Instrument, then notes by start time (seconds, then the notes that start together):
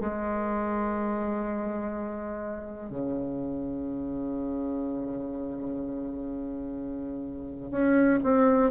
bassoon
0.00 G#3
2.90 C#3
7.71 C#4
8.23 C4